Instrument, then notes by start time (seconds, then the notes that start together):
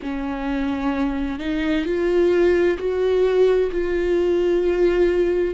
viola
0.02 C#4
1.38 D#4
1.85 F4
2.78 F#4
3.71 F4